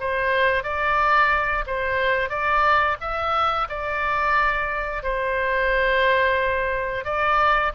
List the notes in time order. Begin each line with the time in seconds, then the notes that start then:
0.00 C5
0.63 D5
1.67 C5
2.29 D5
3.00 E5
3.69 D5
5.03 C5
7.05 D5